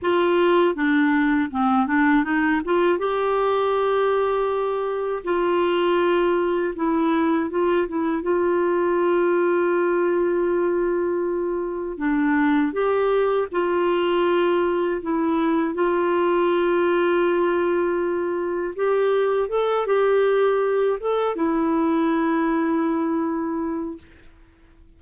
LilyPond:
\new Staff \with { instrumentName = "clarinet" } { \time 4/4 \tempo 4 = 80 f'4 d'4 c'8 d'8 dis'8 f'8 | g'2. f'4~ | f'4 e'4 f'8 e'8 f'4~ | f'1 |
d'4 g'4 f'2 | e'4 f'2.~ | f'4 g'4 a'8 g'4. | a'8 e'2.~ e'8 | }